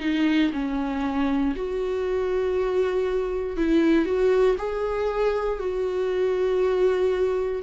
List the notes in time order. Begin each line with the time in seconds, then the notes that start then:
0.00 D#4
0.53 C#4
1.55 F#4
3.57 E4
4.05 F#4
4.58 G#4
5.59 F#4